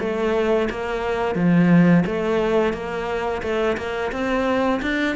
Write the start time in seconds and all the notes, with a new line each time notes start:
0.00 A3
0.71 A#3
1.35 F3
2.07 A3
2.74 A#3
3.43 A3
3.77 A#3
4.12 C4
4.82 D4